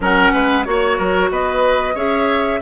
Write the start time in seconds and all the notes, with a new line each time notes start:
0.00 F#3 C#4 A#4 F#5
0.32 G#3 B4
0.64 A#3 F#4 C#5
0.97 F#3 A#4
1.30 B3 B4 D#5
1.94 C#4 G#4 C#5 E5